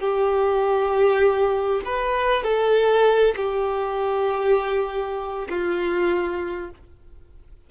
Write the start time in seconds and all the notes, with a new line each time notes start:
0.00 G4
1.85 B4
2.44 A4
3.37 G4
5.49 F4